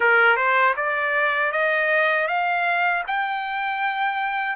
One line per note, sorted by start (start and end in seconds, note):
0.00 0.36 A#4
0.36 0.74 C5
0.76 1.52 D5
1.52 2.27 D#5
2.27 3.03 F5
3.07 4.56 G5